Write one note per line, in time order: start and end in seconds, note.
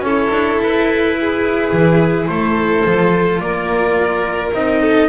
0.00 0.28 C#4
0.00 2.86 E4
0.00 1.16 A4
0.00 0.59 C#5
0.30 0.58 D4
0.58 1.70 E4
0.58 2.27 B4
1.20 2.29 G#4
1.72 2.28 E3
2.27 2.84 A3
2.27 3.41 A4
2.27 3.39 C5
2.85 3.40 F3
2.85 4.54 F4
3.40 4.52 A#3
3.40 4.81 A#4
3.40 4.52 D5
4.53 5.08 C4
4.53 5.08 D#4
4.53 5.08 D#5
4.81 5.08 A4